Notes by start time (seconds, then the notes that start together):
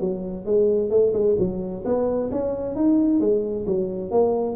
0.00 F#3
0.45 G#3
0.90 A3
1.13 G#3
1.39 F#3
1.85 B3
2.31 C#4
2.75 D#4
3.20 G#3
3.67 F#3
4.11 A#3